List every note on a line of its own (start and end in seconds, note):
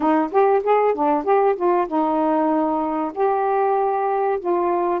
0.00 0.31 D#4
0.31 0.62 G4
0.63 0.94 G#4
0.94 1.24 D4
1.24 1.55 G4
1.56 1.87 F4
1.87 3.12 D#4
3.14 4.39 G4
4.39 5.00 F4